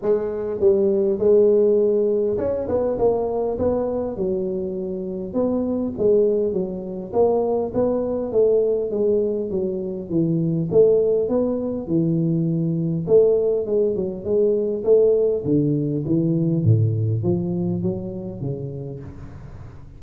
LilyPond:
\new Staff \with { instrumentName = "tuba" } { \time 4/4 \tempo 4 = 101 gis4 g4 gis2 | cis'8 b8 ais4 b4 fis4~ | fis4 b4 gis4 fis4 | ais4 b4 a4 gis4 |
fis4 e4 a4 b4 | e2 a4 gis8 fis8 | gis4 a4 d4 e4 | a,4 f4 fis4 cis4 | }